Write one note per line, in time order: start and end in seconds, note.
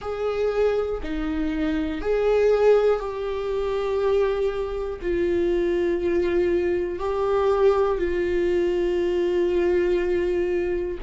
0.00 1.00 G#4
1.03 2.00 D#4
2.00 2.99 G#4
2.99 4.99 G4
5.01 6.99 F4
6.99 7.98 G4
7.98 10.98 F4